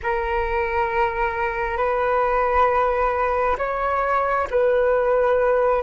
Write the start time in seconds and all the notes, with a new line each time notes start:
0.02 A#4
1.77 B4
3.58 C#5
4.50 B4